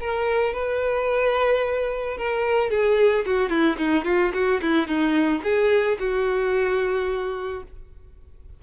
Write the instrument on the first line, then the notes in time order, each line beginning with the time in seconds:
violin
0.00 A#4
0.54 B4
2.18 A#4
2.70 G#4
3.26 F#4
3.50 E4
3.78 D#4
4.05 F4
4.34 F#4
4.62 E4
4.87 D#4
5.43 G#4
6.00 F#4